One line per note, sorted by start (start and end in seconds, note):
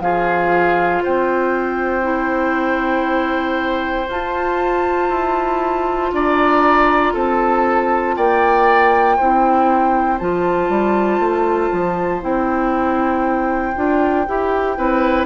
0.00 1.02 F3
0.00 2.02 F4
0.00 1.03 G#4
0.00 1.03 F5
1.03 4.08 C4
1.03 6.12 C5
1.03 4.09 G5
2.02 4.06 E4
4.08 5.10 F4
4.08 9.19 F4
4.08 6.14 A5
5.10 6.11 E4
6.12 7.14 D4
6.12 7.14 D5
6.12 7.17 A#5
7.14 8.17 C4
7.14 8.15 A4
7.14 8.17 A5
8.17 9.19 A#3
8.17 9.17 D5
8.17 10.19 G5
9.17 10.21 C4
9.17 10.20 E4
9.17 14.76 C5
10.19 10.69 F3
10.19 12.21 F4
10.19 12.22 A5
10.69 11.19 G3
11.19 11.70 A3
11.72 12.23 F3
12.21 13.76 C4
12.21 13.74 E4
12.21 15.26 G5
13.76 14.27 D4
13.76 14.26 F4
14.27 14.78 E4
14.27 14.77 G4
14.77 15.26 C4
14.77 15.26 E4
14.77 15.26 B4